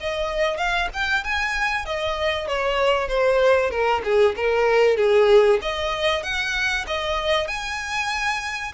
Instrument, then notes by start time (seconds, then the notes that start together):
violin
0.00 D#5
0.57 F5
0.93 G5
1.24 G#5
1.85 D#5
2.47 C#5
3.08 C5
3.70 A#4
4.04 G#4
4.36 A#4
4.97 G#4
5.62 D#5
6.23 F#5
6.87 D#5
7.47 G#5